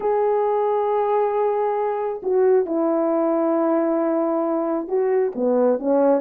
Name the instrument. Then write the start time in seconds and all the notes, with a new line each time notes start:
horn
0.00 G#4
2.22 F#4
2.66 E4
4.88 F#4
5.35 B3
5.79 C#4